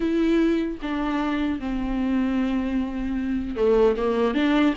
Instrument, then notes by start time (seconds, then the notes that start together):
viola
0.00 E4
0.81 D4
1.59 C4
3.55 A3
3.97 A#3
4.34 D4